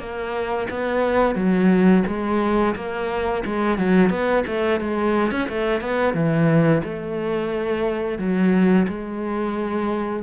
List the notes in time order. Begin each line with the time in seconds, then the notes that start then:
0.00 A#3
0.70 B3
1.36 F#3
2.07 G#3
2.76 A#3
3.46 G#3
3.79 F#3
4.10 B3
4.47 A3
4.81 G#3
5.32 C#4
5.49 A3
5.81 B3
6.14 E3
6.84 A3
8.19 F#3
8.89 G#3